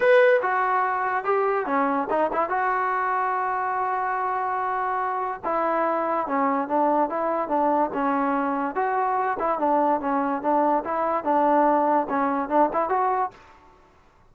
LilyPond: \new Staff \with { instrumentName = "trombone" } { \time 4/4 \tempo 4 = 144 b'4 fis'2 g'4 | cis'4 dis'8 e'8 fis'2~ | fis'1~ | fis'4 e'2 cis'4 |
d'4 e'4 d'4 cis'4~ | cis'4 fis'4. e'8 d'4 | cis'4 d'4 e'4 d'4~ | d'4 cis'4 d'8 e'8 fis'4 | }